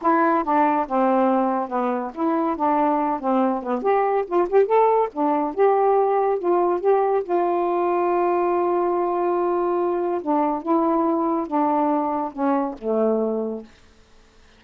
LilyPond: \new Staff \with { instrumentName = "saxophone" } { \time 4/4 \tempo 4 = 141 e'4 d'4 c'2 | b4 e'4 d'4. c'8~ | c'8 b8 g'4 f'8 g'8 a'4 | d'4 g'2 f'4 |
g'4 f'2.~ | f'1 | d'4 e'2 d'4~ | d'4 cis'4 a2 | }